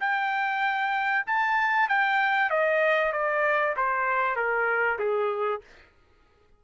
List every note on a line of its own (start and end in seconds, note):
0.00 1.25 G5
1.26 1.89 A5
1.89 2.50 G5
2.50 3.12 D#5
3.12 3.75 D5
3.76 4.36 C5
4.36 4.98 A#4
4.99 5.61 G#4